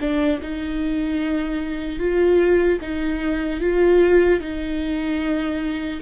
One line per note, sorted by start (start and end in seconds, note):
0.00 0.40 D4
0.41 1.99 D#4
1.99 2.79 F4
2.81 3.60 D#4
3.60 4.40 F4
4.40 6.00 D#4